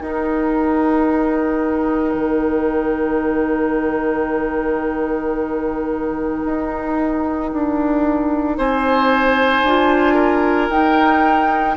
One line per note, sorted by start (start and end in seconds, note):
0.00 2.14 D#4
0.00 9.66 D#4
0.00 8.57 A#4
0.00 8.57 G5
2.14 6.42 D#3
6.44 7.52 D#4
7.52 8.58 D4
8.57 9.62 C4
8.57 10.14 C5
8.57 10.70 G#5
9.62 10.69 D4
9.62 10.70 F4
10.14 11.74 A#4
10.69 11.76 D#4
10.69 11.77 D#4
10.69 11.77 G5